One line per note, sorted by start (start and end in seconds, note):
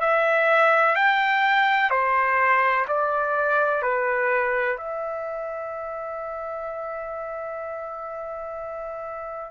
0.00 0.95 E5
0.95 1.90 G5
1.90 2.85 C5
2.87 3.82 D5
3.82 4.77 B4
4.77 9.51 E5